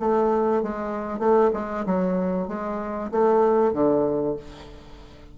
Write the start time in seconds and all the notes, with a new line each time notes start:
0.00 A3
0.63 G#3
1.20 A3
1.54 G#3
1.86 F#3
2.48 G#3
3.12 A3
3.74 D3